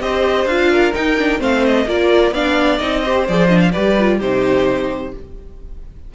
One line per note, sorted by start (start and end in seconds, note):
0.00 0.45 C4
0.00 0.47 G4
0.00 0.71 C5
0.00 0.47 D#5
0.45 0.92 D4
0.45 0.94 F4
0.45 0.94 F5
0.71 1.40 A#4
0.94 1.17 D#4
0.94 1.40 D#4
0.94 1.41 G5
1.18 1.38 D4
1.38 1.86 A3
1.38 1.85 C4
1.38 1.87 C5
1.38 1.66 F5
1.66 1.89 D#5
1.86 2.31 A#3
1.86 2.34 F4
1.86 2.33 A#4
1.86 2.34 D5
2.31 2.78 B3
2.31 2.80 D4
2.31 3.02 D5
2.31 2.78 F5
2.78 3.28 C4
2.78 3.03 D#4
2.78 3.25 D#5
3.02 3.29 G4
3.02 3.71 C5
3.28 3.75 F3
3.28 3.49 G#4
3.28 3.48 D5
3.48 3.73 D4
3.48 3.59 D#5
3.60 3.72 F5
3.72 4.21 G3
3.72 3.97 G4
3.72 4.18 B4
3.72 4.19 D5
3.99 4.22 F4
4.18 5.14 C3
4.18 5.15 D#4
4.18 5.11 G4
4.18 5.13 C5